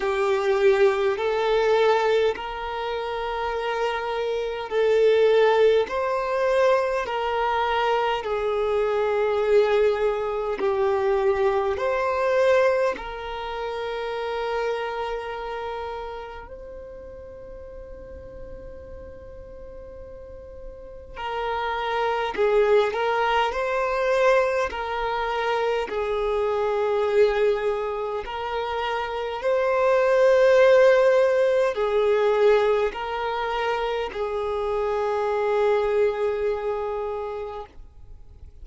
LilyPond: \new Staff \with { instrumentName = "violin" } { \time 4/4 \tempo 4 = 51 g'4 a'4 ais'2 | a'4 c''4 ais'4 gis'4~ | gis'4 g'4 c''4 ais'4~ | ais'2 c''2~ |
c''2 ais'4 gis'8 ais'8 | c''4 ais'4 gis'2 | ais'4 c''2 gis'4 | ais'4 gis'2. | }